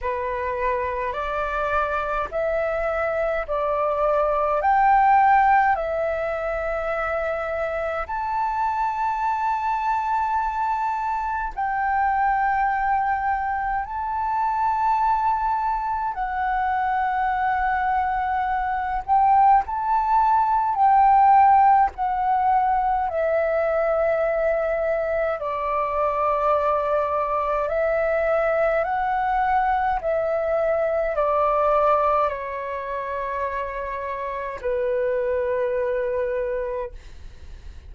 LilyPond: \new Staff \with { instrumentName = "flute" } { \time 4/4 \tempo 4 = 52 b'4 d''4 e''4 d''4 | g''4 e''2 a''4~ | a''2 g''2 | a''2 fis''2~ |
fis''8 g''8 a''4 g''4 fis''4 | e''2 d''2 | e''4 fis''4 e''4 d''4 | cis''2 b'2 | }